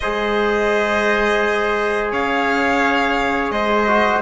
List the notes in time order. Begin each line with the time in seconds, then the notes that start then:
0.00 G#3 G#4 C5 D#5
2.11 C#4 C#5 F5
3.50 G#3 C5 D#5
3.87 F#4